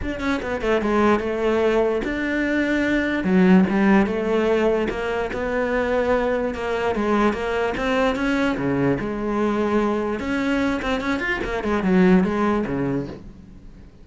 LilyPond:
\new Staff \with { instrumentName = "cello" } { \time 4/4 \tempo 4 = 147 d'8 cis'8 b8 a8 gis4 a4~ | a4 d'2. | fis4 g4 a2 | ais4 b2. |
ais4 gis4 ais4 c'4 | cis'4 cis4 gis2~ | gis4 cis'4. c'8 cis'8 f'8 | ais8 gis8 fis4 gis4 cis4 | }